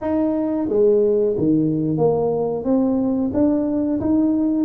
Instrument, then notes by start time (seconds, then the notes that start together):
tuba
0.01 D#4
0.69 G#3
1.37 D#3
1.97 A#3
2.64 C4
3.33 D4
4.00 D#4